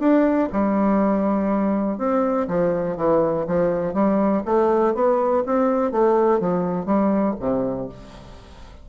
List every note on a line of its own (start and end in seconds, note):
0.00 0.49 D4
0.53 1.98 G3
1.98 2.47 C4
2.48 2.97 F3
2.97 3.46 E3
3.47 3.94 F3
3.94 4.43 G3
4.46 4.95 A3
4.95 5.44 B3
5.46 5.92 C4
5.92 6.40 A3
6.40 6.86 F3
6.86 7.35 G3
7.40 7.89 C3